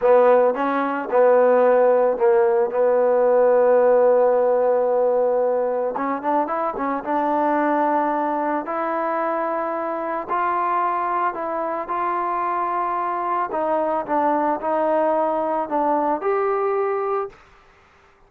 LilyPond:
\new Staff \with { instrumentName = "trombone" } { \time 4/4 \tempo 4 = 111 b4 cis'4 b2 | ais4 b2.~ | b2. cis'8 d'8 | e'8 cis'8 d'2. |
e'2. f'4~ | f'4 e'4 f'2~ | f'4 dis'4 d'4 dis'4~ | dis'4 d'4 g'2 | }